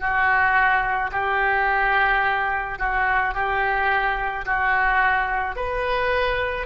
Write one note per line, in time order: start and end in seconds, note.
0.00 1.11 F#4
1.12 2.79 G4
2.79 3.34 F#4
3.34 4.45 G4
4.46 5.56 F#4
5.56 6.67 B4